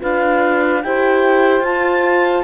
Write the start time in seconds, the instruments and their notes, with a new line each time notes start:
0.00 cello D4, horn F4, saxophone B4, clarinet F5
0.83 cello E4, horn G4, saxophone C5, clarinet G5
1.61 cello F4, horn F4, clarinet A5